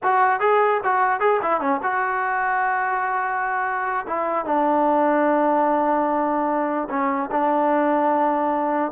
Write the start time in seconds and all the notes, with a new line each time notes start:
0.03 F#4
0.40 G#4
0.83 F#4
1.20 G#4
1.42 E4
1.60 C#4
1.82 F#4
4.07 E4
4.45 D4
6.89 C#4
7.31 D4